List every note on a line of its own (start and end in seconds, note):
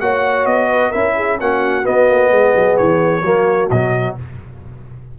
0.00 0.46 A#3
0.00 0.93 F#4
0.00 0.69 C#5
0.00 0.46 F#5
0.46 0.92 B3
0.46 0.92 D#5
0.69 0.90 B4
0.90 1.40 C#4
0.90 1.39 E4
0.90 1.13 A#4
0.90 1.38 E5
1.16 1.39 G#4
1.40 1.87 A#3
1.40 1.83 C#4
1.40 2.31 F#4
1.40 1.86 F#5
1.83 3.21 B3
1.83 2.09 B3
1.83 2.77 D#5
2.09 2.31 A#3
2.31 2.54 G#3
2.31 3.23 G#4
2.55 2.78 F#3
2.77 3.22 E3
2.77 3.69 C#5
3.22 3.68 F#3
3.22 3.71 A#3
3.22 4.16 F#4
3.70 4.16 B2
3.70 4.19 F#3
3.70 4.16 D#5